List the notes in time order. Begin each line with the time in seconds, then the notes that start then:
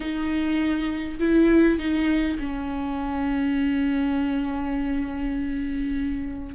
0.00 D#4
1.19 E4
1.78 D#4
2.39 C#4